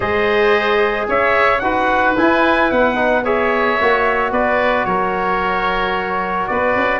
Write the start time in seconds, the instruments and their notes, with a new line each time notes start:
0.00 tuba G#3, trombone G#4, oboe C5, trumpet D#5
1.08 tuba C#4, oboe C#5, trumpet E5
1.58 tuba D#4, trombone F#4, oboe B4, trumpet F#5
2.16 trombone E4, tuba E4, trumpet G#5
2.70 tuba B3, trumpet F#5
2.95 trombone D#4
3.24 trombone G#4, oboe C#5, trumpet E5
3.80 tuba A#3, trombone F#4
4.31 tuba B3, oboe B4, trumpet D5
4.85 tuba F#3, oboe A#4, trumpet C#5
6.47 tuba B3, oboe B4, trumpet D5
6.76 tuba C#4